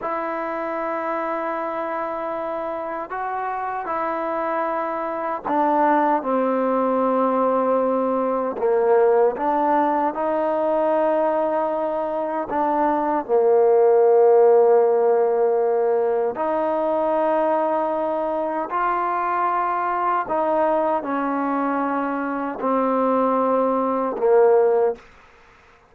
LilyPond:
\new Staff \with { instrumentName = "trombone" } { \time 4/4 \tempo 4 = 77 e'1 | fis'4 e'2 d'4 | c'2. ais4 | d'4 dis'2. |
d'4 ais2.~ | ais4 dis'2. | f'2 dis'4 cis'4~ | cis'4 c'2 ais4 | }